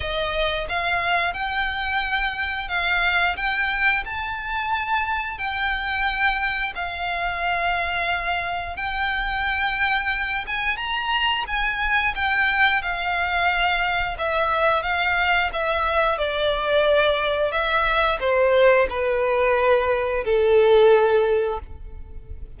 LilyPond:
\new Staff \with { instrumentName = "violin" } { \time 4/4 \tempo 4 = 89 dis''4 f''4 g''2 | f''4 g''4 a''2 | g''2 f''2~ | f''4 g''2~ g''8 gis''8 |
ais''4 gis''4 g''4 f''4~ | f''4 e''4 f''4 e''4 | d''2 e''4 c''4 | b'2 a'2 | }